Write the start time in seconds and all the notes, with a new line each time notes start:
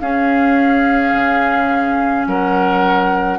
0.00 C#4 G#4 F5
1.13 C#3
2.26 F#3 A#4 F#5